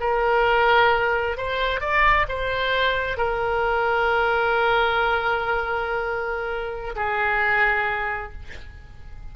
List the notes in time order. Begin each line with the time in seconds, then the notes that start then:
0.00 A#4
1.37 C5
1.80 D5
2.28 C5
3.17 A#4
6.96 G#4